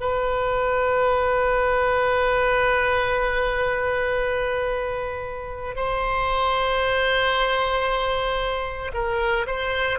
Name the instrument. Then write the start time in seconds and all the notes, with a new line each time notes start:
oboe
0.00 B4
5.76 C5
8.93 A#4
9.46 C5